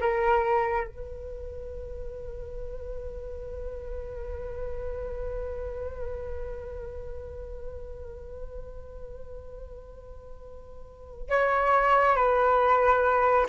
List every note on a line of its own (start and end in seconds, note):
0.00 0.87 A#4
0.87 11.29 B4
11.29 12.15 C#5
12.15 13.46 B4